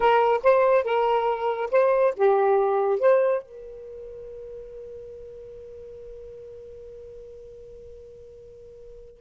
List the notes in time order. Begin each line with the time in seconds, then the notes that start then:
0.00 A#4
0.43 C5
0.84 A#4
1.71 C5
2.16 G4
2.99 C5
3.42 A#4